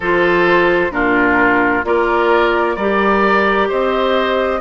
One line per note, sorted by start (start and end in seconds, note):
0.00 0.91 F3
0.00 0.90 F4
0.00 0.91 A4
0.00 0.91 C5
0.90 1.83 A#2
0.90 1.83 D4
0.90 1.85 F4
0.90 1.83 A#4
1.84 2.76 A#3
1.84 2.76 F4
1.84 2.76 A#4
1.84 2.76 D5
2.76 3.69 G3
2.76 4.60 G4
2.76 3.68 A#4
2.76 3.68 D5
3.68 4.60 C4
3.68 4.60 C5
3.68 4.60 D#5